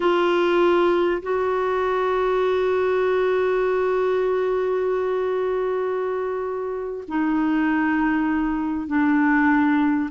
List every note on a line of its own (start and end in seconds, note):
0.00 1.22 F4
1.22 7.04 F#4
7.08 8.87 D#4
8.87 10.09 D4